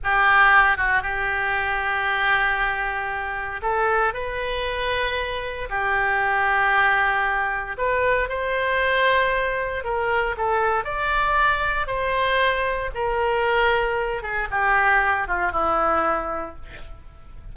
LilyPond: \new Staff \with { instrumentName = "oboe" } { \time 4/4 \tempo 4 = 116 g'4. fis'8 g'2~ | g'2. a'4 | b'2. g'4~ | g'2. b'4 |
c''2. ais'4 | a'4 d''2 c''4~ | c''4 ais'2~ ais'8 gis'8 | g'4. f'8 e'2 | }